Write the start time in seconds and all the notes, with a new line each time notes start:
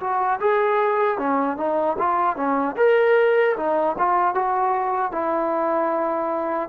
0.00 F#4
0.40 G#4
1.18 C#4
1.57 D#4
1.98 F4
2.36 C#4
2.77 A#4
3.57 D#4
3.98 F4
4.35 F#4
5.12 E4